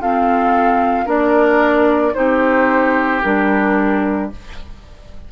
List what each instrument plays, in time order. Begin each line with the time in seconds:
0.00 clarinet C4, bassoon F4, oboe A4, flute F5
1.05 bassoon A#3, clarinet D4, oboe A#4, flute D5
2.13 bassoon C4, clarinet D#4, oboe G4, flute C5
3.22 bassoon G3, clarinet D4, flute A#4